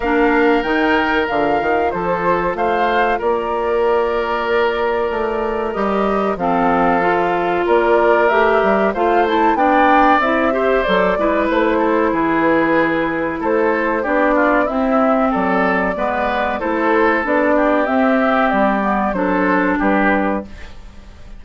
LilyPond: <<
  \new Staff \with { instrumentName = "flute" } { \time 4/4 \tempo 4 = 94 f''4 g''4 f''4 c''4 | f''4 d''2.~ | d''4 dis''4 f''2 | d''4 e''4 f''8 a''8 g''4 |
e''4 d''4 c''4 b'4~ | b'4 c''4 d''4 e''4 | d''2 c''4 d''4 | e''4 d''4 c''4 b'4 | }
  \new Staff \with { instrumentName = "oboe" } { \time 4/4 ais'2. a'4 | c''4 ais'2.~ | ais'2 a'2 | ais'2 c''4 d''4~ |
d''8 c''4 b'4 a'8 gis'4~ | gis'4 a'4 g'8 f'8 e'4 | a'4 b'4 a'4. g'8~ | g'2 a'4 g'4 | }
  \new Staff \with { instrumentName = "clarinet" } { \time 4/4 d'4 dis'4 f'2~ | f'1~ | f'4 g'4 c'4 f'4~ | f'4 g'4 f'8 e'8 d'4 |
e'8 g'8 a'8 e'2~ e'8~ | e'2 d'4 c'4~ | c'4 b4 e'4 d'4 | c'4. b8 d'2 | }
  \new Staff \with { instrumentName = "bassoon" } { \time 4/4 ais4 dis4 d8 dis8 f4 | a4 ais2. | a4 g4 f2 | ais4 a8 g8 a4 b4 |
c'4 fis8 gis8 a4 e4~ | e4 a4 b4 c'4 | fis4 gis4 a4 b4 | c'4 g4 fis4 g4 | }
>>